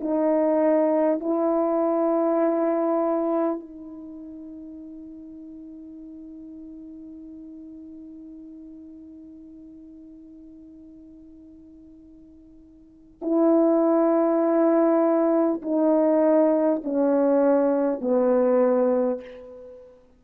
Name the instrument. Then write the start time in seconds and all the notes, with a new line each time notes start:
horn
0.00 D#4
1.20 E4
3.59 D#4
13.22 E4
15.62 D#4
16.84 C#4
18.01 B3